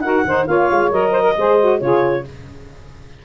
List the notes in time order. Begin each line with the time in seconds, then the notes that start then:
0.00 D#4 F#4 A#4 F#5
0.24 D#3 D#4 C5
0.46 A#3 F4 C#5 F5
0.70 G#3
0.91 F#3 A#4 D#5
1.11 C5
1.22 A#4
1.36 G#3 G#4 C5
1.60 F#4
1.79 C#3 F4 G#4 C#5